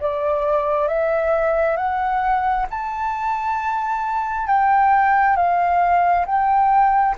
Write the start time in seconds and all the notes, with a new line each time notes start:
0.00 D5
0.88 E5
1.77 F#5
2.70 A5
4.47 G5
5.36 F5
6.26 G5